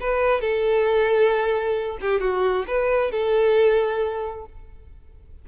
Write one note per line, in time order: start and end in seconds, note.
0.00 0.41 B4
0.41 1.97 A4
2.01 2.20 G4
2.20 2.65 F#4
2.67 3.11 B4
3.11 4.45 A4